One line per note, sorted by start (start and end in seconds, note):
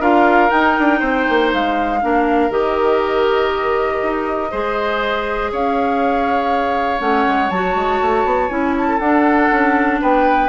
0.00 0.50 D4
0.00 0.50 F4
0.00 0.99 A#4
0.00 0.50 F5
0.50 2.00 D#4
0.50 0.77 D#4
0.50 1.50 G5
0.78 1.01 D4
0.99 1.26 C4
0.99 1.99 C5
1.29 1.53 A#3
1.53 2.03 G#3
1.53 2.51 F5
2.01 2.49 A#3
2.01 2.50 D4
2.01 4.51 A#4
2.49 3.99 D#3
2.49 4.50 G4
2.49 5.51 D#5
4.03 4.52 D#4
4.51 5.52 G#3
4.51 6.98 G#4
4.51 5.51 C5
5.52 7.00 C#4
5.52 8.88 C#5
5.52 7.00 F5
6.98 7.25 A3
6.98 7.48 C#4
6.98 7.50 F#5
7.27 7.50 G#3
7.50 7.75 F#3
7.50 8.49 F#4
7.50 8.49 A5
7.75 8.00 G#3
8.01 8.24 A3
8.24 8.49 B3
8.49 8.99 C#4
8.49 8.99 E4
8.49 8.74 G#5
8.77 8.99 A5
8.88 10.01 A4
8.99 9.49 D4
8.99 10.49 D4
8.99 9.99 F#5
9.51 10.01 C#4
10.01 10.49 B3
10.01 10.49 B4
10.01 10.49 G5